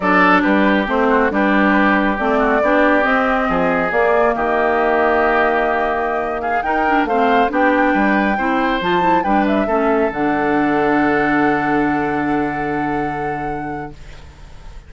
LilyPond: <<
  \new Staff \with { instrumentName = "flute" } { \time 4/4 \tempo 4 = 138 d''4 b'4 c''4 b'4~ | b'4 d''2 dis''4~ | dis''4 d''4 dis''2~ | dis''2~ dis''8. f''8 g''8.~ |
g''16 f''4 g''2~ g''8.~ | g''16 a''4 g''8 e''4. fis''8.~ | fis''1~ | fis''1 | }
  \new Staff \with { instrumentName = "oboe" } { \time 4/4 a'4 g'4. fis'8 g'4~ | g'4. fis'8 g'2 | gis'2 g'2~ | g'2~ g'8. gis'8 ais'8.~ |
ais'16 c''4 g'4 b'4 c''8.~ | c''4~ c''16 b'4 a'4.~ a'16~ | a'1~ | a'1 | }
  \new Staff \with { instrumentName = "clarinet" } { \time 4/4 d'2 c'4 d'4~ | d'4 c'4 d'4 c'4~ | c'4 ais2.~ | ais2.~ ais16 dis'8 d'16~ |
d'16 c'4 d'2 e'8.~ | e'16 f'8 e'8 d'4 cis'4 d'8.~ | d'1~ | d'1 | }
  \new Staff \with { instrumentName = "bassoon" } { \time 4/4 fis4 g4 a4 g4~ | g4 a4 b4 c'4 | f4 ais4 dis2~ | dis2.~ dis16 dis'8.~ |
dis'16 a4 b4 g4 c'8.~ | c'16 f4 g4 a4 d8.~ | d1~ | d1 | }
>>